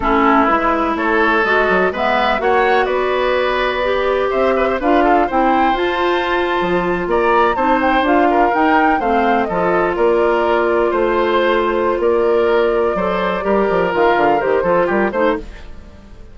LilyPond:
<<
  \new Staff \with { instrumentName = "flute" } { \time 4/4 \tempo 4 = 125 a'4 b'4 cis''4 dis''4 | e''4 fis''4 d''2~ | d''4 e''4 f''4 g''4 | a''2~ a''8. ais''4 a''16~ |
a''16 g''8 f''4 g''4 f''4 dis''16~ | dis''8. d''2 c''4~ c''16~ | c''4 d''2.~ | d''4 f''4 c''4 ais'8 c''8 | }
  \new Staff \with { instrumentName = "oboe" } { \time 4/4 e'2 a'2 | b'4 cis''4 b'2~ | b'4 c''8 b'16 c''16 b'8 a'8 c''4~ | c''2~ c''8. d''4 c''16~ |
c''4~ c''16 ais'4. c''4 a'16~ | a'8. ais'2 c''4~ c''16~ | c''4 ais'2 c''4 | ais'2~ ais'8 a'8 g'8 c''8 | }
  \new Staff \with { instrumentName = "clarinet" } { \time 4/4 cis'4 e'2 fis'4 | b4 fis'2. | g'2 f'4 e'4 | f'2.~ f'8. dis'16~ |
dis'8. f'4 dis'4 c'4 f'16~ | f'1~ | f'2. a'4 | g'4 f'4 g'8 f'4 dis'8 | }
  \new Staff \with { instrumentName = "bassoon" } { \time 4/4 a4 gis4 a4 gis8 fis8 | gis4 ais4 b2~ | b4 c'4 d'4 c'4 | f'4.~ f'16 f4 ais4 c'16~ |
c'8. d'4 dis'4 a4 f16~ | f8. ais2 a4~ a16~ | a4 ais2 fis4 | g8 f8 dis8 d8 dis8 f8 g8 a8 | }
>>